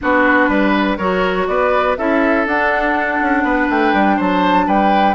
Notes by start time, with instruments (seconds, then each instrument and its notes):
0.01 bassoon B3, clarinet D4, oboe F#4, flute B4
0.48 bassoon G3, oboe B4
0.97 bassoon F#3, clarinet F#4, oboe A#4, flute C#5
1.47 bassoon B3, oboe B4, flute D5
1.97 bassoon C#4, clarinet E4, oboe A4, flute E5
2.46 bassoon D4, clarinet D4, flute F#5
3.21 bassoon C#4
3.43 bassoon B3, oboe B4
3.69 bassoon A3, flute G5
3.93 bassoon G3
4.16 bassoon F#3, oboe C5, flute A5
4.66 bassoon G3, oboe B4, flute G5